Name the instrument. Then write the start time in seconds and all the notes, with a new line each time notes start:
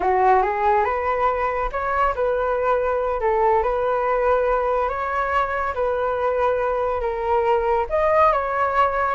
flute
0.00 F#4
0.42 G#4
0.84 B4
1.71 C#5
2.15 B4
3.20 A4
3.62 B4
4.88 C#5
5.74 B4
7.01 A#4
7.89 D#5
8.32 C#5